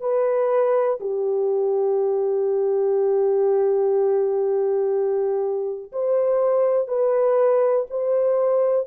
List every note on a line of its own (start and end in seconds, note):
0.00 0.98 B4
1.00 5.92 G4
5.92 6.88 C5
6.88 7.86 B4
7.90 8.87 C5